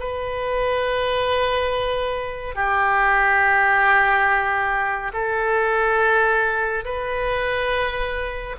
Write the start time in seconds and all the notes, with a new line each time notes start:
0.00 B4
2.55 G4
5.14 A4
6.85 B4